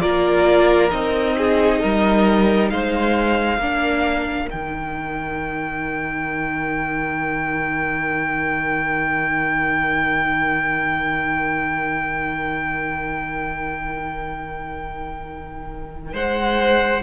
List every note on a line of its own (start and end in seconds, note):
0.00 0.92 A#3
0.00 0.90 F4
0.00 1.35 A#4
0.00 0.90 D5
0.90 1.82 C4
0.90 3.59 D#4
0.90 2.69 D#5
1.37 1.79 G#4
1.79 2.71 G3
1.79 2.69 A#4
2.69 3.58 G#3
2.69 3.60 C5
2.69 4.49 F5
3.58 4.47 A#3
3.58 4.49 D4
3.58 16.13 A#4
4.49 16.13 D#3
4.49 17.02 D#4
4.49 16.14 G5
16.13 17.02 G#3
16.13 17.02 C5
16.13 17.02 F#5